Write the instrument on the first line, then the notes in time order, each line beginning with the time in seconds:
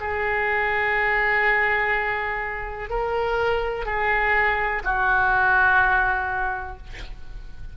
oboe
0.00 G#4
2.89 A#4
3.85 G#4
4.83 F#4